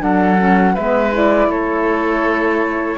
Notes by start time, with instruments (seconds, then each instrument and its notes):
0.00 cello F#3, saxophone D4, oboe A4, flute F#5
0.38 saxophone C#4
0.74 cello G#3, saxophone B3, oboe B4, flute E5
1.12 saxophone E4, flute D5
1.48 cello A3, oboe A4, flute C#5